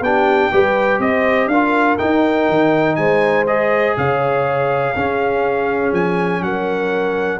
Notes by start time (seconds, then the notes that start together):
0.00 B3 D4 G4 G5
0.51 G3 G4 B4
0.99 C4 C5 D#5
1.47 D4 F4 A#4 F5
1.98 D#4 G5
2.48 D#3
2.95 G#3 C5 G#5
3.46 G#4 D#5
3.96 C#3 C#5 F5
4.94 C#4 G#4
5.92 F3 G#5
6.41 F#3 A#4 F#5